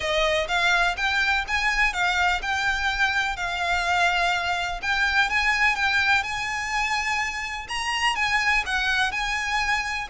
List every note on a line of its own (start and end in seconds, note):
0.00 0.47 D#5
0.48 0.96 F5
0.96 1.44 G5
1.47 1.93 G#5
1.93 2.41 F5
2.42 3.36 G5
3.36 4.80 F5
4.82 5.29 G5
5.29 5.75 G#5
5.75 6.23 G5
6.23 7.67 G#5
7.68 8.15 A#5
8.15 8.63 G#5
8.66 9.11 F#5
9.11 10.07 G#5